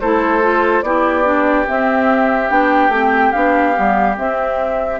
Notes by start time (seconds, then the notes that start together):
0.00 A3 E4 A4 C5
0.41 F4
0.82 B3 E4 G4 D5
1.24 D4
1.66 C4 E5
2.48 B3 D4 G5
2.88 A3 C4
3.32 B3 D4 F5
3.73 G3 B3
4.16 C4 E5